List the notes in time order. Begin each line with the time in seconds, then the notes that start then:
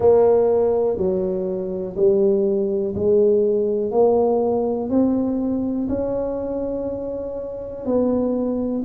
0.00 A#3
0.97 F#3
1.96 G3
2.95 G#3
3.91 A#3
4.89 C4
5.88 C#4
7.85 B3